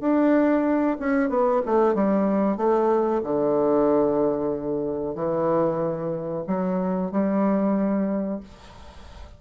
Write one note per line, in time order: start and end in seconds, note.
0.00 0.97 D4
0.99 1.29 C#4
1.29 1.61 B3
1.65 1.94 A3
1.94 2.57 G3
2.57 3.21 A3
3.23 5.15 D3
5.15 6.44 E3
6.47 7.11 F#3
7.11 8.40 G3